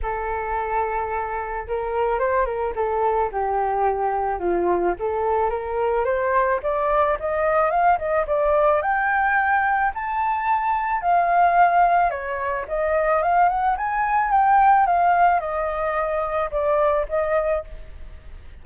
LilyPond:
\new Staff \with { instrumentName = "flute" } { \time 4/4 \tempo 4 = 109 a'2. ais'4 | c''8 ais'8 a'4 g'2 | f'4 a'4 ais'4 c''4 | d''4 dis''4 f''8 dis''8 d''4 |
g''2 a''2 | f''2 cis''4 dis''4 | f''8 fis''8 gis''4 g''4 f''4 | dis''2 d''4 dis''4 | }